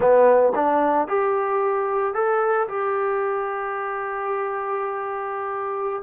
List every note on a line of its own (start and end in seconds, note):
0.00 0.52 B3
0.55 1.07 D4
1.07 2.14 G4
2.14 2.67 A4
2.68 6.02 G4